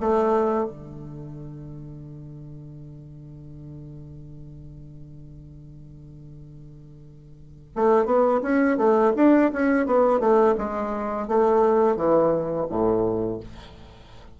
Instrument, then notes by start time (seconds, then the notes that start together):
bassoon
0.00 A3
0.65 D3
7.75 A3
8.05 B3
8.42 C#4
8.77 A3
9.16 D4
9.52 C#4
9.86 B3
10.19 A3
10.58 G#3
11.27 A3
11.96 E3
12.69 A2